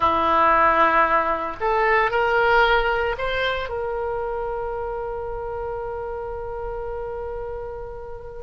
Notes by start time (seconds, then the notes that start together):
0.00 E4
1.60 A4
2.11 A#4
3.18 C5
3.69 A#4